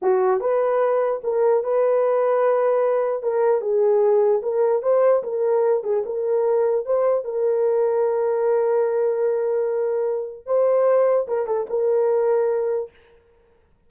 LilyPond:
\new Staff \with { instrumentName = "horn" } { \time 4/4 \tempo 4 = 149 fis'4 b'2 ais'4 | b'1 | ais'4 gis'2 ais'4 | c''4 ais'4. gis'8 ais'4~ |
ais'4 c''4 ais'2~ | ais'1~ | ais'2 c''2 | ais'8 a'8 ais'2. | }